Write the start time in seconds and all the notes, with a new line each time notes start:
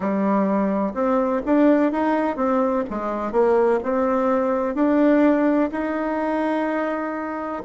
0.00 G3
0.94 C4
1.45 D4
1.92 D#4
2.36 C4
2.90 G#3
3.32 A#3
3.83 C4
4.74 D4
5.71 D#4